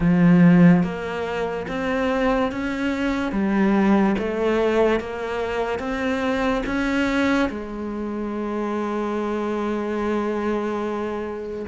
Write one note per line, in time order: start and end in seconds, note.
0.00 0.83 F3
0.83 1.66 A#3
1.68 2.51 C4
2.51 3.32 C#4
3.32 4.15 G3
4.18 5.00 A3
5.00 5.79 A#3
5.79 6.62 C4
6.66 7.49 C#4
7.49 11.66 G#3